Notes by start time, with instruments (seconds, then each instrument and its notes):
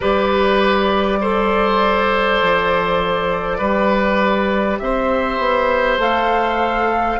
0.00 bassoon G3, clarinet G4, oboe B4, flute D5
1.21 clarinet A4, oboe C5
2.42 bassoon F3
3.58 bassoon G3, clarinet G4, oboe B4
4.79 bassoon C4, oboe C5, flute E5
5.38 bassoon B3
5.97 bassoon A3, clarinet A4, flute F5